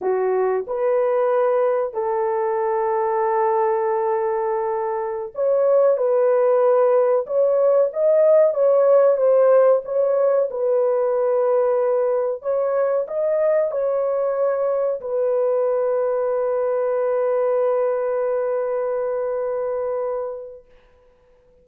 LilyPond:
\new Staff \with { instrumentName = "horn" } { \time 4/4 \tempo 4 = 93 fis'4 b'2 a'4~ | a'1~ | a'16 cis''4 b'2 cis''8.~ | cis''16 dis''4 cis''4 c''4 cis''8.~ |
cis''16 b'2. cis''8.~ | cis''16 dis''4 cis''2 b'8.~ | b'1~ | b'1 | }